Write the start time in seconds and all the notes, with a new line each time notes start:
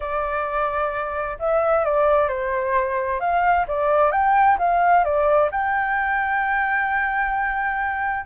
0.00 D5
1.39 E5
1.84 D5
2.28 C5
3.20 F5
3.67 D5
4.11 G5
4.58 F5
5.04 D5
5.51 G5